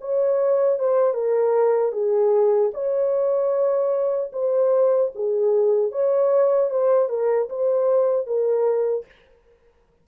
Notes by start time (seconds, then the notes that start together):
0.00 C#5
0.79 C5
1.13 A#4
1.92 G#4
2.73 C#5
4.32 C5
5.15 G#4
5.92 C#5
6.70 C5
7.09 A#4
7.49 C5
8.26 A#4